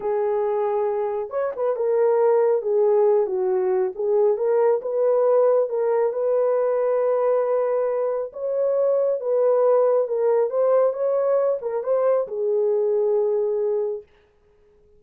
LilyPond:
\new Staff \with { instrumentName = "horn" } { \time 4/4 \tempo 4 = 137 gis'2. cis''8 b'8 | ais'2 gis'4. fis'8~ | fis'4 gis'4 ais'4 b'4~ | b'4 ais'4 b'2~ |
b'2. cis''4~ | cis''4 b'2 ais'4 | c''4 cis''4. ais'8 c''4 | gis'1 | }